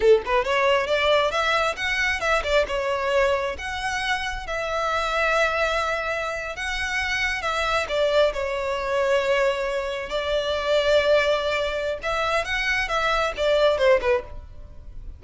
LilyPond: \new Staff \with { instrumentName = "violin" } { \time 4/4 \tempo 4 = 135 a'8 b'8 cis''4 d''4 e''4 | fis''4 e''8 d''8 cis''2 | fis''2 e''2~ | e''2~ e''8. fis''4~ fis''16~ |
fis''8. e''4 d''4 cis''4~ cis''16~ | cis''2~ cis''8. d''4~ d''16~ | d''2. e''4 | fis''4 e''4 d''4 c''8 b'8 | }